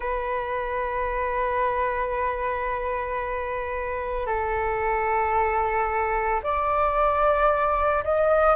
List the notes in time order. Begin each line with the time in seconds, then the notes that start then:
0.00 B4
4.26 A4
6.43 D5
8.04 D#5